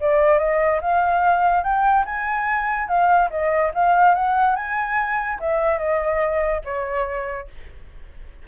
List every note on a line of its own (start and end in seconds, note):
0.00 0.38 D5
0.38 0.80 D#5
0.81 1.63 F5
1.63 2.05 G5
2.05 2.87 G#5
2.87 3.29 F5
3.30 3.71 D#5
3.74 4.14 F5
4.14 4.55 F#5
4.55 5.39 G#5
5.39 5.78 E5
5.78 6.61 D#5
6.64 7.48 C#5